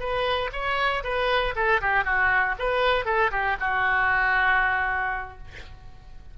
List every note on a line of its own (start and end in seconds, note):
0.00 0.51 B4
0.53 1.04 C#5
1.04 1.55 B4
1.56 1.81 A4
1.81 2.05 G4
2.05 2.55 F#4
2.59 3.06 B4
3.06 3.31 A4
3.31 3.57 G4
3.60 5.38 F#4